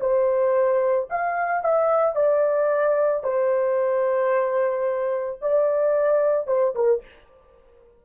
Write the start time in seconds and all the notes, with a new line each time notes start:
0.00 C5
1.10 F5
1.64 E5
2.15 D5
3.23 C5
5.41 D5
6.47 C5
6.75 A#4